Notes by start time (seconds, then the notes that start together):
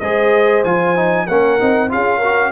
0.00 G#3 G#4 C5 D#5
0.64 F3 F4 G#5
0.96 D#4
1.26 A#3 C#4 A#4 F#5
1.60 C4 D#4
1.89 C#4 F4 G#4 F5
2.18 A#4
2.24 F#4